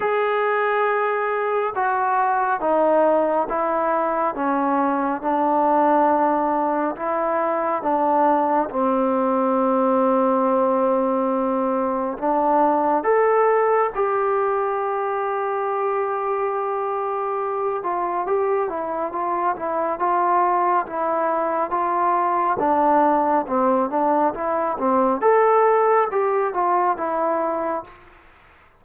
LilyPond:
\new Staff \with { instrumentName = "trombone" } { \time 4/4 \tempo 4 = 69 gis'2 fis'4 dis'4 | e'4 cis'4 d'2 | e'4 d'4 c'2~ | c'2 d'4 a'4 |
g'1~ | g'8 f'8 g'8 e'8 f'8 e'8 f'4 | e'4 f'4 d'4 c'8 d'8 | e'8 c'8 a'4 g'8 f'8 e'4 | }